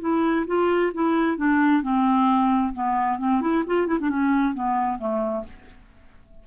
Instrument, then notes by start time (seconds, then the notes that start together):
clarinet
0.00 E4
0.46 F4
0.93 E4
1.37 D4
1.82 C4
2.73 B3
3.18 C4
3.41 E4
3.66 F4
3.87 E4
4.00 D4
4.09 C#4
4.54 B3
4.98 A3